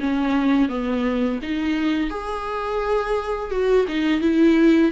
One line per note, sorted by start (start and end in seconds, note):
0.00 0.69 C#4
0.69 1.40 B3
1.42 2.10 D#4
2.10 3.51 G#4
3.51 3.86 F#4
3.88 4.21 D#4
4.21 4.92 E4